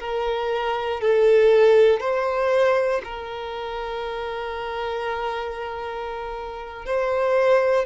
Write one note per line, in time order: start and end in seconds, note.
0.00 1.01 A#4
1.01 2.00 A4
2.00 3.02 C5
3.05 6.86 A#4
6.86 7.86 C5